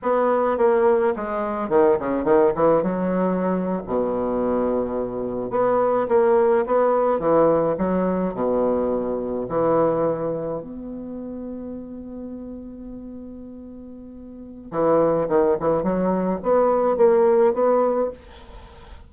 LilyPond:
\new Staff \with { instrumentName = "bassoon" } { \time 4/4 \tempo 4 = 106 b4 ais4 gis4 dis8 cis8 | dis8 e8 fis4.~ fis16 b,4~ b,16~ | b,4.~ b,16 b4 ais4 b16~ | b8. e4 fis4 b,4~ b,16~ |
b,8. e2 b4~ b16~ | b1~ | b2 e4 dis8 e8 | fis4 b4 ais4 b4 | }